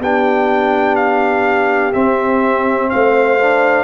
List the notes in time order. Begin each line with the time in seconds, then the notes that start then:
0.00 B3 D4 G4 G5
0.96 F5
1.93 C4 E5
2.90 A3 C5 F5
3.40 D4